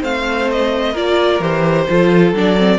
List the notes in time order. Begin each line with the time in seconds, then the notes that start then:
0.00 A3 C4 C5 F5
0.51 D#5
0.93 A#3 F4 A#4 D5
1.39 E3 G4 C5
1.89 F3 F4 A4
2.32 F#3 D4 D5
2.56 C4